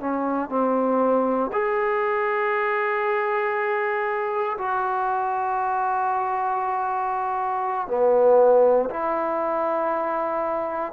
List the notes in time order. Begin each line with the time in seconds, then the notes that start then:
0.00 C#4
0.49 C4
1.53 G#4
4.58 F#4
7.88 B3
8.90 E4